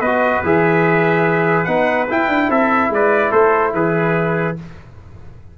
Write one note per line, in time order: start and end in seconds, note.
0.00 0.41 B3
0.00 0.44 F#4
0.00 2.47 B4
0.00 0.42 D#5
0.43 1.67 E3
0.43 1.67 G#4
0.43 1.64 E5
1.64 2.08 B3
1.64 2.08 D#4
1.64 2.05 F#5
2.09 4.56 E4
2.09 2.28 E4
2.09 2.51 G5
2.28 2.48 D4
2.49 2.90 C4
2.49 2.91 A4
2.49 2.92 E5
2.90 3.31 G#3
2.90 3.31 B4
2.90 3.32 D5
3.31 3.73 A3
3.31 3.72 A4
3.31 3.73 C5
3.73 4.55 E3
3.73 4.58 G#4
3.73 4.57 B4